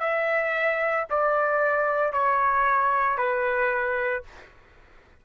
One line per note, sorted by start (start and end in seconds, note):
0.00 1.05 E5
1.10 2.13 D5
2.13 3.18 C#5
3.18 4.23 B4